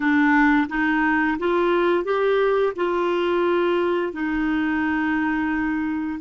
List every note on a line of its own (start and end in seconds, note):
0.00 0.67 D4
0.68 1.37 D#4
1.39 2.04 F4
2.04 2.73 G4
2.76 4.13 F4
4.13 6.19 D#4